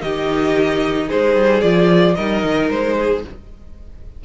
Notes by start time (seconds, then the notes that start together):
0.00 D#3 D#4 G4 D#5
1.07 G#3 G#4 C5
1.35 G3
1.61 F3 F4 D5
2.15 G3 D#4 A#4 D#5
2.44 D#3
2.70 G#3 C5
2.97 G#4